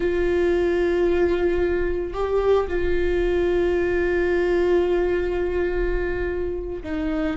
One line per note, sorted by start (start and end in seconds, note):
0.00 2.13 F4
2.13 2.67 G4
2.67 6.82 F4
6.83 7.36 D#4